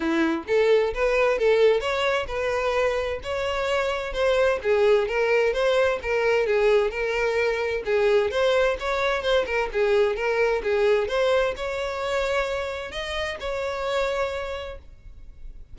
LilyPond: \new Staff \with { instrumentName = "violin" } { \time 4/4 \tempo 4 = 130 e'4 a'4 b'4 a'4 | cis''4 b'2 cis''4~ | cis''4 c''4 gis'4 ais'4 | c''4 ais'4 gis'4 ais'4~ |
ais'4 gis'4 c''4 cis''4 | c''8 ais'8 gis'4 ais'4 gis'4 | c''4 cis''2. | dis''4 cis''2. | }